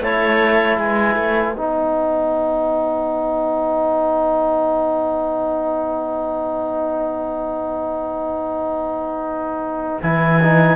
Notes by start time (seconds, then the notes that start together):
0.00 A3 E4 C#5 A5
0.77 G#3 B4 G#5
1.15 A3
1.54 B3 D#4 F#5
10.01 E3 E4 G#5
10.42 D#4